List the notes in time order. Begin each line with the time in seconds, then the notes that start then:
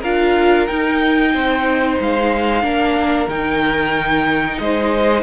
0.00 D4 F4 A#4 F5
0.67 D#4 G5
1.34 C4 C5
1.99 G#3 F5
2.62 A#3 D4 A#4
3.28 D#3 D#4 G5
4.58 G#3 C5 D#5